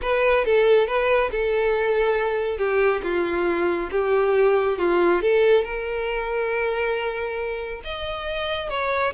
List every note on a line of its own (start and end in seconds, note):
0.02 0.44 B4
0.44 0.87 A4
0.87 1.30 B4
1.31 2.58 A4
2.58 3.01 G4
3.03 3.90 F4
3.91 4.78 G4
4.78 5.21 F4
5.21 5.64 A4
5.64 7.81 A#4
7.83 8.69 D#5
8.69 9.13 C#5